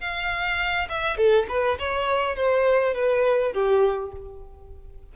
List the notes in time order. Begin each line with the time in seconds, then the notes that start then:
0.00 F5
0.89 E5
1.17 A4
1.49 B4
1.79 C#5
2.36 C5
2.94 B4
3.53 G4